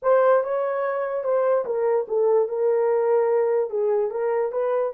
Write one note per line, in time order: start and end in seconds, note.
0.02 0.43 C5
0.43 1.23 C#5
1.23 1.65 C5
1.65 2.06 A#4
2.08 2.48 A4
2.48 3.70 A#4
3.70 4.11 G#4
4.11 4.52 A#4
4.52 4.93 B4